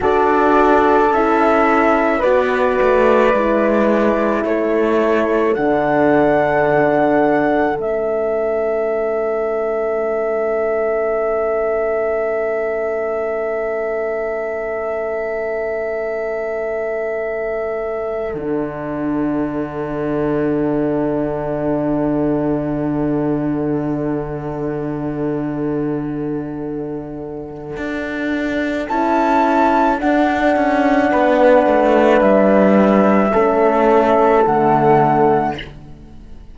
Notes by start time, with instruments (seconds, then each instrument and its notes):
0.00 cello D4, horn F#4 A4, flute D5
1.11 cello C#4, horn E4, flute E5
2.18 cello B3, horn F#4 B4, flute D5
2.81 cello A3
3.33 cello G#3, horn E4
4.44 cello A3, horn A4, flute C#5
5.54 cello D3, horn D4, flute F#5
7.77 cello A3, horn C#4, flute E5
18.34 cello D3, horn D4, flute F#5
27.76 cello D4
28.88 cello C#4, horn E4, flute A5
29.98 horn D4, cello D4, flute F#5
30.56 cello C#4
31.10 cello B3, horn B4
31.66 cello A3
32.20 cello G3, flute E5
33.32 cello A3, horn C#4 A4
34.45 cello D3, horn A3, flute F#5